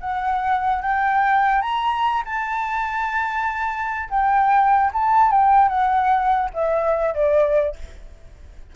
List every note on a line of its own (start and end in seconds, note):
0.00 0.81 F#5
0.81 1.61 G5
1.61 2.23 A#5
2.25 4.09 A5
4.09 4.91 G5
4.93 5.31 A5
5.31 5.68 G5
5.68 6.50 F#5
6.53 7.14 E5
7.14 7.75 D5